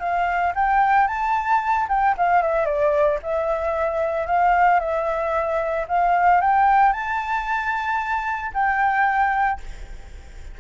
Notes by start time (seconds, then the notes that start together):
0.00 F5
0.55 G5
1.07 A5
1.88 G5
2.17 F5
2.42 E5
2.65 D5
3.22 E5
4.26 F5
4.80 E5
5.88 F5
6.41 G5
6.93 A5
8.54 G5